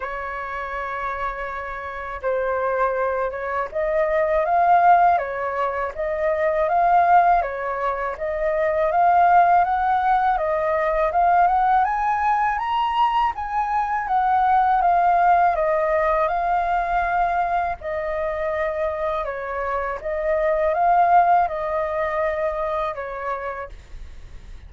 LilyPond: \new Staff \with { instrumentName = "flute" } { \time 4/4 \tempo 4 = 81 cis''2. c''4~ | c''8 cis''8 dis''4 f''4 cis''4 | dis''4 f''4 cis''4 dis''4 | f''4 fis''4 dis''4 f''8 fis''8 |
gis''4 ais''4 gis''4 fis''4 | f''4 dis''4 f''2 | dis''2 cis''4 dis''4 | f''4 dis''2 cis''4 | }